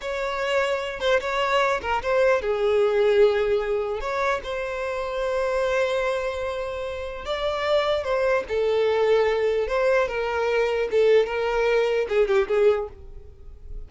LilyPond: \new Staff \with { instrumentName = "violin" } { \time 4/4 \tempo 4 = 149 cis''2~ cis''8 c''8 cis''4~ | cis''8 ais'8 c''4 gis'2~ | gis'2 cis''4 c''4~ | c''1~ |
c''2 d''2 | c''4 a'2. | c''4 ais'2 a'4 | ais'2 gis'8 g'8 gis'4 | }